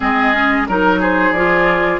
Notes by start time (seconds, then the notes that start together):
0.00 G#3 C4 G#4 D#5
0.33 C#4
0.67 F#3 D#4 A#4
1.00 G#4 C5
1.32 F3 F4 D5